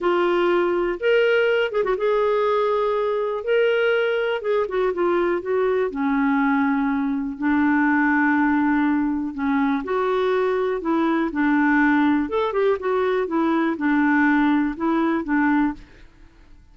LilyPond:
\new Staff \with { instrumentName = "clarinet" } { \time 4/4 \tempo 4 = 122 f'2 ais'4. gis'16 fis'16 | gis'2. ais'4~ | ais'4 gis'8 fis'8 f'4 fis'4 | cis'2. d'4~ |
d'2. cis'4 | fis'2 e'4 d'4~ | d'4 a'8 g'8 fis'4 e'4 | d'2 e'4 d'4 | }